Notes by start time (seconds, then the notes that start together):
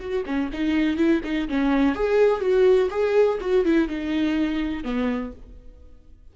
0.00 F#4
0.26 C#4
0.53 D#4
0.97 E4
1.24 D#4
1.49 C#4
1.95 G#4
2.41 F#4
2.91 G#4
3.41 F#4
3.65 E4
3.88 D#4
4.84 B3